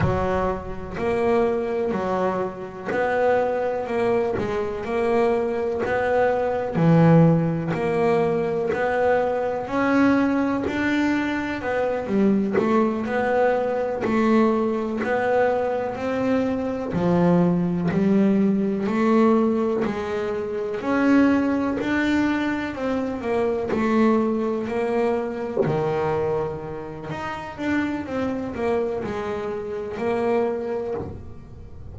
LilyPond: \new Staff \with { instrumentName = "double bass" } { \time 4/4 \tempo 4 = 62 fis4 ais4 fis4 b4 | ais8 gis8 ais4 b4 e4 | ais4 b4 cis'4 d'4 | b8 g8 a8 b4 a4 b8~ |
b8 c'4 f4 g4 a8~ | a8 gis4 cis'4 d'4 c'8 | ais8 a4 ais4 dis4. | dis'8 d'8 c'8 ais8 gis4 ais4 | }